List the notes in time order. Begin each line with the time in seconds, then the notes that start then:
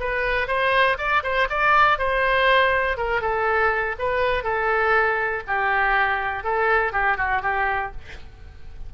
0.00 B4
0.47 C5
0.98 D5
1.23 C5
1.49 D5
1.98 C5
2.97 A#4
3.21 A4
3.98 B4
4.43 A4
5.47 G4
6.43 A4
6.92 G4
7.17 F#4
7.42 G4